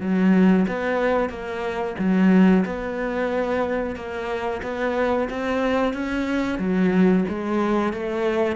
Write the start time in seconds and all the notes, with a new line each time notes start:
0.00 F#3
0.68 B3
1.29 A#3
1.98 F#3
2.65 B3
3.96 A#3
4.62 B3
5.30 C4
5.93 C#4
6.58 F#3
7.29 G#3
7.93 A3